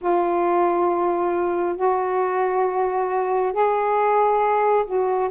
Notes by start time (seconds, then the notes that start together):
0.01 F4
1.76 F#4
3.52 G#4
4.86 F#4